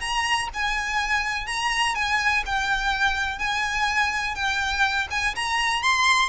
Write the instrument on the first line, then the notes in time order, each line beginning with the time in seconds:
violin
0.00 A#5
0.54 G#5
1.46 A#5
1.95 G#5
2.46 G5
3.39 G#5
4.35 G5
5.11 G#5
5.36 A#5
5.83 C6